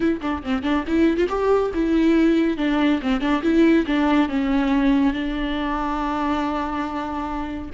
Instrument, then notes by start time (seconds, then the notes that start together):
viola
0.00 E4
0.21 D4
0.43 C4
0.63 D4
0.87 E4
1.17 F4
1.28 G4
1.74 E4
2.57 D4
3.02 C4
3.20 D4
3.42 E4
3.86 D4
4.29 C#4
5.13 D4